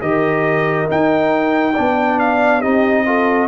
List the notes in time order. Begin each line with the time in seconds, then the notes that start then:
0.00 D#3 G4 A#4 D#5
0.86 D#4 G5
1.73 B3 D4 D5
2.19 F5
2.59 C4 D#4 G4 D#5
3.05 F4 A4